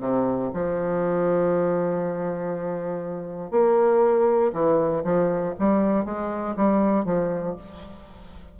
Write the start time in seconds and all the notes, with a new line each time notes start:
0.00 C3
0.53 F3
3.51 A#3
4.53 E3
5.04 F3
5.59 G3
6.05 G#3
6.56 G3
7.05 F3